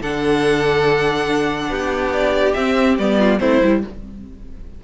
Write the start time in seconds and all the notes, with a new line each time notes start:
0.00 D3 D4 A4 F#5
1.69 B3 G4
2.13 D5
2.53 C4 E5
2.98 G3 B3 D5
3.18 F4
3.39 A3 C4 E4 C5
3.62 G3 E4